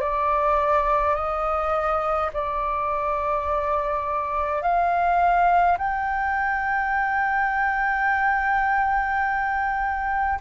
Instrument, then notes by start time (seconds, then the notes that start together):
flute
0.00 D5
1.14 D#5
2.33 D5
4.62 F5
5.77 G5